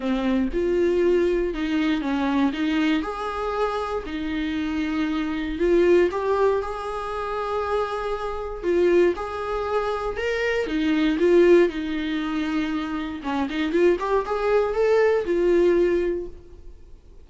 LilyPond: \new Staff \with { instrumentName = "viola" } { \time 4/4 \tempo 4 = 118 c'4 f'2 dis'4 | cis'4 dis'4 gis'2 | dis'2. f'4 | g'4 gis'2.~ |
gis'4 f'4 gis'2 | ais'4 dis'4 f'4 dis'4~ | dis'2 cis'8 dis'8 f'8 g'8 | gis'4 a'4 f'2 | }